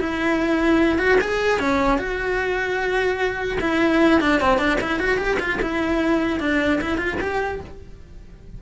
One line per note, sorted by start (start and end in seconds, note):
0.00 0.99 E4
0.99 1.19 F#4
1.21 1.60 G#4
1.60 1.99 C#4
1.99 3.59 F#4
3.61 4.21 E4
4.21 4.41 D4
4.41 4.59 C4
4.59 4.79 D4
4.81 5.00 E4
5.00 5.18 F#4
5.18 5.38 G4
5.40 5.60 F4
5.62 6.40 E4
6.40 6.80 D4
6.81 6.98 E4
6.98 7.18 F4
7.21 7.61 G4